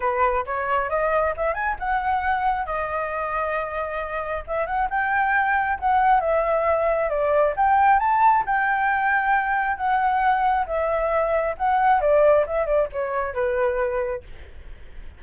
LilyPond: \new Staff \with { instrumentName = "flute" } { \time 4/4 \tempo 4 = 135 b'4 cis''4 dis''4 e''8 gis''8 | fis''2 dis''2~ | dis''2 e''8 fis''8 g''4~ | g''4 fis''4 e''2 |
d''4 g''4 a''4 g''4~ | g''2 fis''2 | e''2 fis''4 d''4 | e''8 d''8 cis''4 b'2 | }